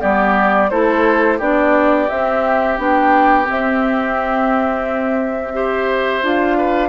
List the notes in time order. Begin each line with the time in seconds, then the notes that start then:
0.00 G3 B3 G4 D5
0.70 A3 E4 A4 C5
1.38 B3 D4 G4 D5
2.09 C4 E5
2.77 B3 D4 G5
3.45 C4 E5
5.53 G4 C5
6.22 D4 F4 F5
6.57 B4